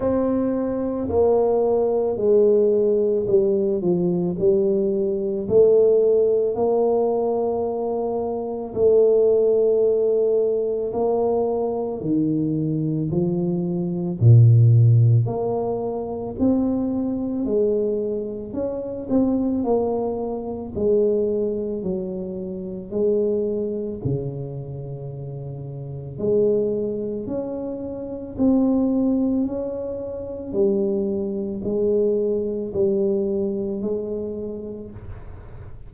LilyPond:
\new Staff \with { instrumentName = "tuba" } { \time 4/4 \tempo 4 = 55 c'4 ais4 gis4 g8 f8 | g4 a4 ais2 | a2 ais4 dis4 | f4 ais,4 ais4 c'4 |
gis4 cis'8 c'8 ais4 gis4 | fis4 gis4 cis2 | gis4 cis'4 c'4 cis'4 | g4 gis4 g4 gis4 | }